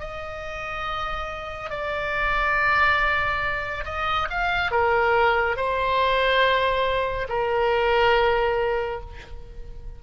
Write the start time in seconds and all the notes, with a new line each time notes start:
0.00 D#5
1.70 D5
3.85 D#5
4.30 F5
4.71 A#4
5.56 C5
7.29 A#4